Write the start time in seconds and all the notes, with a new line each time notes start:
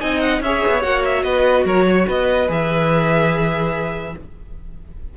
0.00 C4 D#4 D#5 G#5
0.21 F#5
0.41 C#4 G#4 C#5 E5
0.67 B3
0.82 A#3 F#4 F#5
1.04 E5
1.24 B3 B4 D#5
1.65 F#3 A#4 C#5
1.89 C#5
2.08 B3 B4 D#5
2.49 E3 G#4 E5